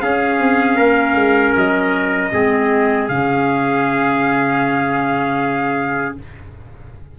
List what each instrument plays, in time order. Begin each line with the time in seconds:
0.00 clarinet C#4, tuba C#4, trumpet G#4 F5
0.39 tuba C4
0.76 tuba A#3, trumpet A#4
1.15 tuba G#3
1.55 tuba F#3, trumpet D#5
2.31 tuba G#3, clarinet C4, trumpet G#4
3.08 tuba C#3, clarinet C#4, trumpet F5